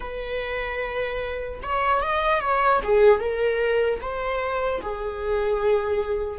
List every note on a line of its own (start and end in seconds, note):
0.00 1.60 B4
1.62 2.01 C#5
2.01 2.40 D#5
2.40 2.80 C#5
2.83 3.19 G#4
3.19 3.99 A#4
4.01 4.81 C5
4.81 6.39 G#4